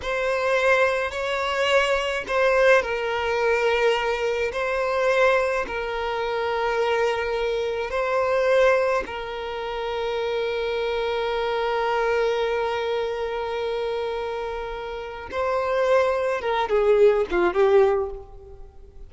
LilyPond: \new Staff \with { instrumentName = "violin" } { \time 4/4 \tempo 4 = 106 c''2 cis''2 | c''4 ais'2. | c''2 ais'2~ | ais'2 c''2 |
ais'1~ | ais'1~ | ais'2. c''4~ | c''4 ais'8 gis'4 f'8 g'4 | }